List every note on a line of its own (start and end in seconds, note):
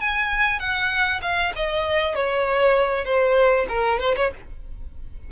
0.00 0.59 G#5
0.59 1.21 F#5
1.22 1.53 F5
1.56 2.15 D#5
2.15 3.05 C#5
3.05 3.66 C5
3.69 3.99 A#4
3.99 4.15 C5
4.16 4.31 C#5